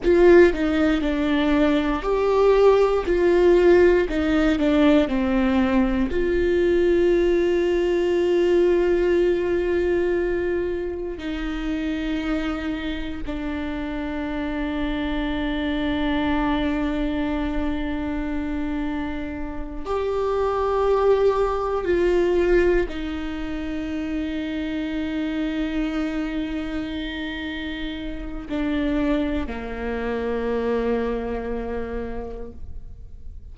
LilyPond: \new Staff \with { instrumentName = "viola" } { \time 4/4 \tempo 4 = 59 f'8 dis'8 d'4 g'4 f'4 | dis'8 d'8 c'4 f'2~ | f'2. dis'4~ | dis'4 d'2.~ |
d'2.~ d'8 g'8~ | g'4. f'4 dis'4.~ | dis'1 | d'4 ais2. | }